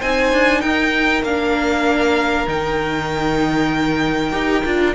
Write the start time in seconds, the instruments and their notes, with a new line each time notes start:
0.00 cello C4, viola D#4, violin C5 G#5
0.32 cello D4
0.61 cello D#4, violin A#4 G5
1.23 cello A#3, viola D4, violin F5
2.47 cello D#3, viola D#4, violin G5
4.32 cello D#4, viola G4
4.65 cello D4, viola F4